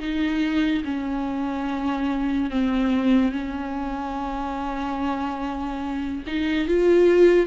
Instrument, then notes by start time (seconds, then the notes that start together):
viola
0.00 D#4
0.84 C#4
2.51 C4
3.32 C#4
6.27 D#4
6.68 F4